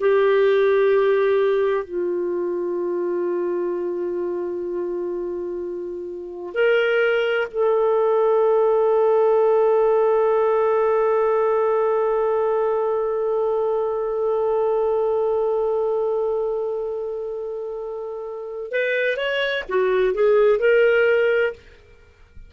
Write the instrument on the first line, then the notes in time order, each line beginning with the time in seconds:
clarinet
0.00 G4
1.85 F4
6.54 A#4
7.51 A4
18.71 B4
19.17 C#5
19.69 F#4
20.14 G#4
20.60 A#4